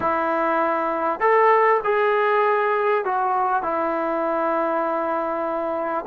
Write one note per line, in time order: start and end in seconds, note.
0.00 1.20 E4
1.20 1.80 A4
1.83 3.04 G#4
3.04 3.62 F#4
3.62 6.05 E4